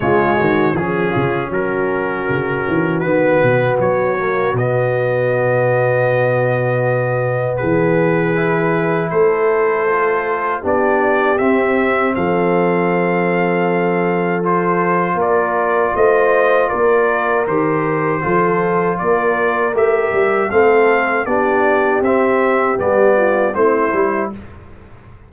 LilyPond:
<<
  \new Staff \with { instrumentName = "trumpet" } { \time 4/4 \tempo 4 = 79 cis''4 gis'4 ais'2 | b'4 cis''4 dis''2~ | dis''2 b'2 | c''2 d''4 e''4 |
f''2. c''4 | d''4 dis''4 d''4 c''4~ | c''4 d''4 e''4 f''4 | d''4 e''4 d''4 c''4 | }
  \new Staff \with { instrumentName = "horn" } { \time 4/4 f'8 fis'8 gis'8 f'8 fis'2~ | fis'1~ | fis'2 gis'2 | a'2 g'2 |
a'1 | ais'4 c''4 ais'2 | a'4 ais'2 a'4 | g'2~ g'8 f'8 e'4 | }
  \new Staff \with { instrumentName = "trombone" } { \time 4/4 gis4 cis'2. | b4. ais8 b2~ | b2. e'4~ | e'4 f'4 d'4 c'4~ |
c'2. f'4~ | f'2. g'4 | f'2 g'4 c'4 | d'4 c'4 b4 c'8 e'8 | }
  \new Staff \with { instrumentName = "tuba" } { \time 4/4 cis8 dis8 f8 cis8 fis4 cis8 e8 | dis8 b,8 fis4 b,2~ | b,2 e2 | a2 b4 c'4 |
f1 | ais4 a4 ais4 dis4 | f4 ais4 a8 g8 a4 | b4 c'4 g4 a8 g8 | }
>>